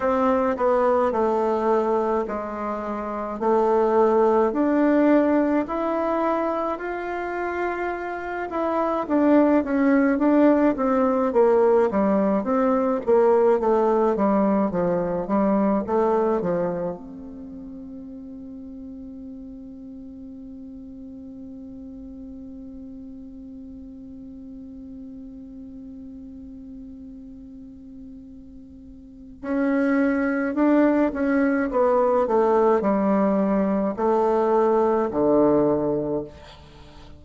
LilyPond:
\new Staff \with { instrumentName = "bassoon" } { \time 4/4 \tempo 4 = 53 c'8 b8 a4 gis4 a4 | d'4 e'4 f'4. e'8 | d'8 cis'8 d'8 c'8 ais8 g8 c'8 ais8 | a8 g8 f8 g8 a8 f8 c'4~ |
c'1~ | c'1~ | c'2 cis'4 d'8 cis'8 | b8 a8 g4 a4 d4 | }